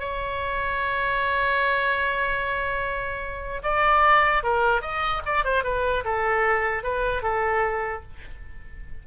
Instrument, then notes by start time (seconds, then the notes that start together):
oboe
0.00 C#5
3.63 D5
4.43 A#4
4.82 D#5
5.26 D5
5.45 C5
5.64 B4
6.05 A4
6.83 B4
7.22 A4